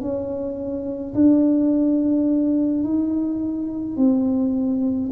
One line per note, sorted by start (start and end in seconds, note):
0.00 1.13 C#4
1.14 2.84 D4
2.84 3.96 D#4
3.96 5.09 C4